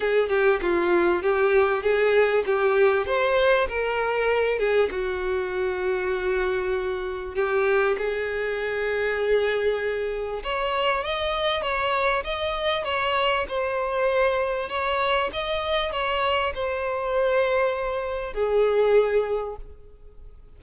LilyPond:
\new Staff \with { instrumentName = "violin" } { \time 4/4 \tempo 4 = 98 gis'8 g'8 f'4 g'4 gis'4 | g'4 c''4 ais'4. gis'8 | fis'1 | g'4 gis'2.~ |
gis'4 cis''4 dis''4 cis''4 | dis''4 cis''4 c''2 | cis''4 dis''4 cis''4 c''4~ | c''2 gis'2 | }